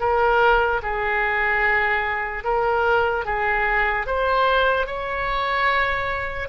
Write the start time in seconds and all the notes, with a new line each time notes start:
0.00 A#4
0.83 G#4
2.44 A#4
3.25 G#4
4.07 C5
4.86 C#5